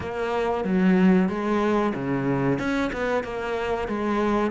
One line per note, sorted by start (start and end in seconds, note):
0.00 0.64 A#3
0.64 1.28 F#3
1.28 1.93 G#3
1.94 2.58 C#3
2.58 2.91 C#4
2.92 3.23 B3
3.23 3.88 A#3
3.88 4.50 G#3